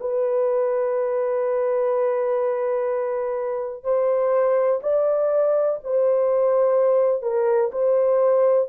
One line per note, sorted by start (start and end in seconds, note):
0.00 3.84 B4
3.84 4.80 C5
4.83 5.79 D5
5.84 7.22 C5
7.22 7.71 A#4
7.72 8.69 C5